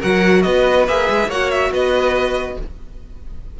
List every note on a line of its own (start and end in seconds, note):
0.00 0.45 F#3
0.00 0.88 F#4
0.00 0.43 A#4
0.00 0.42 F#5
0.42 0.88 B3
0.42 1.28 B4
0.42 0.85 D#5
0.88 1.09 A#3
0.88 1.31 G#4
0.88 1.31 E5
1.10 1.27 G#3
1.27 1.70 A#3
1.27 2.60 F#4
1.27 1.71 C#5
1.27 1.51 F#5
1.51 1.72 E5
1.71 2.57 B3
1.71 2.58 B4
1.71 2.60 D#5